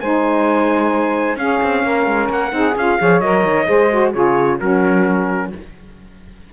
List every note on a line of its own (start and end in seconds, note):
0.00 1.35 G#3
0.00 1.37 D#4
0.00 1.38 C5
0.00 1.37 G#5
1.35 1.58 C#4
1.35 2.51 C#4
1.35 1.83 G#4
1.35 2.29 F5
1.63 1.83 C4
1.83 2.06 A#3
1.83 2.53 A#4
2.06 2.29 G#3
2.29 2.52 A#3
2.29 2.77 F#5
2.51 2.75 C4
2.51 2.74 D#4
2.51 2.99 G#4
2.75 2.98 C#4
2.75 2.99 F4
2.75 3.20 F5
2.99 3.21 F3
2.99 3.22 G#4
2.99 3.67 C#5
3.20 3.44 F#3
3.20 3.66 A#4
3.20 4.11 D#5
3.44 3.67 D#3
3.66 4.14 G#3
3.66 3.89 G#4
3.66 4.11 C5
3.90 4.13 F#4
4.11 4.60 C#3
4.11 4.59 F4
4.11 4.57 G#4
4.11 4.59 C#5
4.58 5.52 F#3
4.58 5.52 C#4
4.58 5.50 F#4
4.58 5.51 A#4